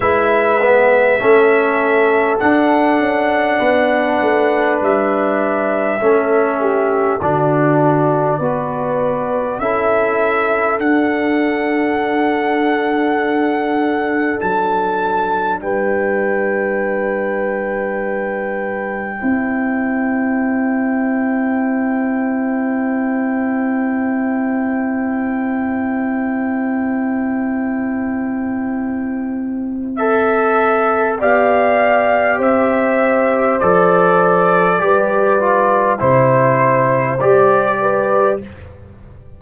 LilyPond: <<
  \new Staff \with { instrumentName = "trumpet" } { \time 4/4 \tempo 4 = 50 e''2 fis''2 | e''2 d''2 | e''4 fis''2. | a''4 g''2.~ |
g''1~ | g''1~ | g''4 e''4 f''4 e''4 | d''2 c''4 d''4 | }
  \new Staff \with { instrumentName = "horn" } { \time 4/4 b'4 a'2 b'4~ | b'4 a'8 g'8 fis'4 b'4 | a'1~ | a'4 b'2. |
c''1~ | c''1~ | c''2 d''4 c''4~ | c''4 b'4 c''4. b'8 | }
  \new Staff \with { instrumentName = "trombone" } { \time 4/4 e'8 b8 cis'4 d'2~ | d'4 cis'4 d'4 fis'4 | e'4 d'2.~ | d'1 |
e'1~ | e'1~ | e'4 a'4 g'2 | a'4 g'8 f'8 e'4 g'4 | }
  \new Staff \with { instrumentName = "tuba" } { \time 4/4 gis4 a4 d'8 cis'8 b8 a8 | g4 a4 d4 b4 | cis'4 d'2. | fis4 g2. |
c'1~ | c'1~ | c'2 b4 c'4 | f4 g4 c4 g4 | }
>>